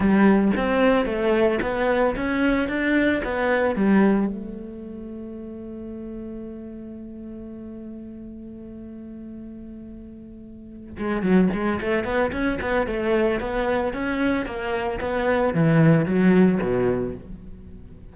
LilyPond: \new Staff \with { instrumentName = "cello" } { \time 4/4 \tempo 4 = 112 g4 c'4 a4 b4 | cis'4 d'4 b4 g4 | a1~ | a1~ |
a1~ | a8 gis8 fis8 gis8 a8 b8 cis'8 b8 | a4 b4 cis'4 ais4 | b4 e4 fis4 b,4 | }